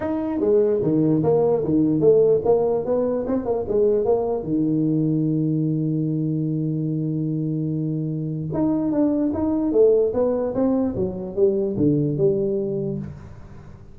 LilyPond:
\new Staff \with { instrumentName = "tuba" } { \time 4/4 \tempo 4 = 148 dis'4 gis4 dis4 ais4 | dis4 a4 ais4 b4 | c'8 ais8 gis4 ais4 dis4~ | dis1~ |
dis1~ | dis4 dis'4 d'4 dis'4 | a4 b4 c'4 fis4 | g4 d4 g2 | }